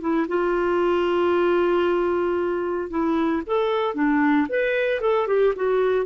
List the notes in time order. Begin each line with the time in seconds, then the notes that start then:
0.00 E4
0.28 F4
2.89 E4
3.46 A4
3.94 D4
4.49 B4
5.00 A4
5.27 G4
5.55 F#4